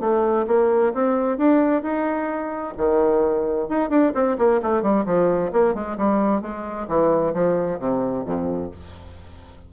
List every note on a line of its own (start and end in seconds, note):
0.00 0.46 A3
0.47 0.93 A#3
0.93 1.38 C4
1.38 1.82 D4
1.82 2.74 D#4
2.77 3.68 D#3
3.69 3.89 D#4
3.89 4.12 D4
4.14 4.37 C4
4.38 4.61 A#3
4.62 4.82 A3
4.82 5.05 G3
5.05 5.51 F3
5.52 5.74 A#3
5.74 5.97 G#3
5.98 6.41 G3
6.41 6.87 G#3
6.88 7.33 E3
7.33 7.79 F3
7.79 8.25 C3
8.26 8.71 F2